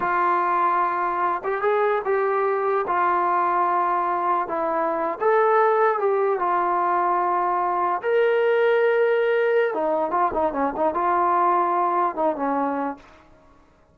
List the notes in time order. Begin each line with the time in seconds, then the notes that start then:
0.00 F4
1.44 G4
1.61 G#4
2.04 G4
2.87 F4
4.48 E4
5.20 A4
5.99 G4
6.39 F4
8.02 A#4
9.74 D#4
10.11 F4
10.33 D#4
10.52 C#4
10.76 D#4
10.93 F4
12.15 D#4
12.36 C#4